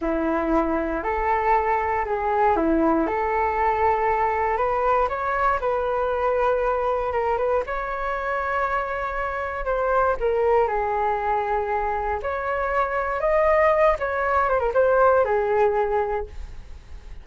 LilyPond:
\new Staff \with { instrumentName = "flute" } { \time 4/4 \tempo 4 = 118 e'2 a'2 | gis'4 e'4 a'2~ | a'4 b'4 cis''4 b'4~ | b'2 ais'8 b'8 cis''4~ |
cis''2. c''4 | ais'4 gis'2. | cis''2 dis''4. cis''8~ | cis''8 c''16 ais'16 c''4 gis'2 | }